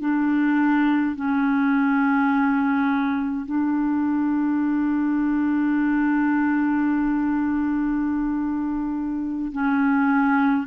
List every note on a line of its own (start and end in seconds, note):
0.00 1.15 D4
1.15 3.46 C#4
3.46 9.51 D4
9.52 10.66 C#4